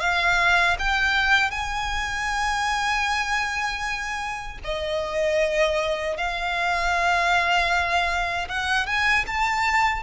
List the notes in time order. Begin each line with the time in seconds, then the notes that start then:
0.00 F5
0.79 G5
1.51 G#5
4.64 D#5
6.17 F5
8.48 F#5
8.86 G#5
9.27 A5